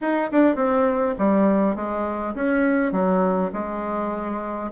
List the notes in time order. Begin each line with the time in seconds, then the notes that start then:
0.01 D#4
0.31 D4
0.55 C4
1.18 G3
1.75 G#3
2.34 C#4
2.91 F#3
3.53 G#3